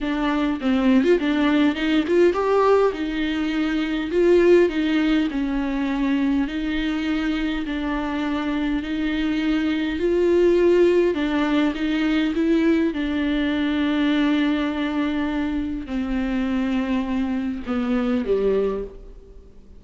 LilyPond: \new Staff \with { instrumentName = "viola" } { \time 4/4 \tempo 4 = 102 d'4 c'8. f'16 d'4 dis'8 f'8 | g'4 dis'2 f'4 | dis'4 cis'2 dis'4~ | dis'4 d'2 dis'4~ |
dis'4 f'2 d'4 | dis'4 e'4 d'2~ | d'2. c'4~ | c'2 b4 g4 | }